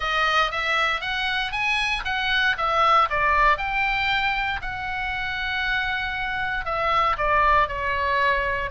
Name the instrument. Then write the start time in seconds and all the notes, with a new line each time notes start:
oboe
0.00 D#5
0.51 E5
1.00 F#5
1.52 G#5
2.05 F#5
2.57 E5
3.10 D5
3.57 G5
4.61 F#5
6.65 E5
7.17 D5
7.67 C#5